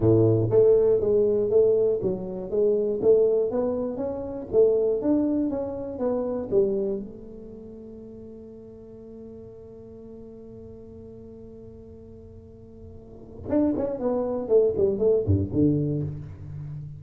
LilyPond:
\new Staff \with { instrumentName = "tuba" } { \time 4/4 \tempo 4 = 120 a,4 a4 gis4 a4 | fis4 gis4 a4 b4 | cis'4 a4 d'4 cis'4 | b4 g4 a2~ |
a1~ | a1~ | a2. d'8 cis'8 | b4 a8 g8 a8 g,8 d4 | }